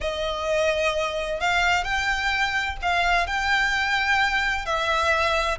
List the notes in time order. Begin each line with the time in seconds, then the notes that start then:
0.01 D#5
1.40 F5
1.84 G5
2.82 F5
3.26 G5
4.65 E5